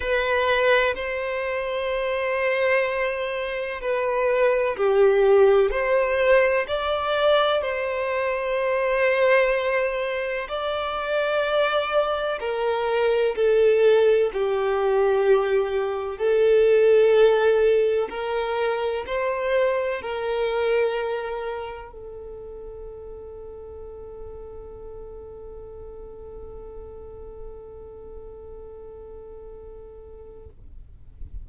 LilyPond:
\new Staff \with { instrumentName = "violin" } { \time 4/4 \tempo 4 = 63 b'4 c''2. | b'4 g'4 c''4 d''4 | c''2. d''4~ | d''4 ais'4 a'4 g'4~ |
g'4 a'2 ais'4 | c''4 ais'2 a'4~ | a'1~ | a'1 | }